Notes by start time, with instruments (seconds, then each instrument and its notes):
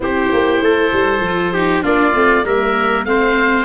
0.00 tuba C4, viola E4, trumpet G4, oboe C5
0.32 tuba A#3
0.61 tuba A3, trumpet A4
0.92 tuba G3
1.19 tuba F3
1.25 viola F4
1.53 viola D#4, trumpet G4
1.82 tuba A#3, viola D4, trumpet F4, oboe D5
2.13 tuba A3, viola C4
2.45 tuba G3, viola A#3, trumpet A#4, oboe E5
3.05 tuba A3, viola C4, trumpet C5, oboe F5